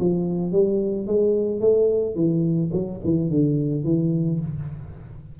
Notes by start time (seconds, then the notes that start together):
0.00 F3
0.52 G3
1.07 G#3
1.61 A3
2.15 E3
2.73 F#3
3.05 E3
3.30 D3
3.84 E3